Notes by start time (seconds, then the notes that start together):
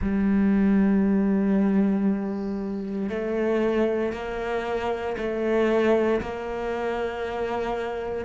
0.01 G3
3.09 A3
4.12 A#3
5.17 A3
6.21 A#3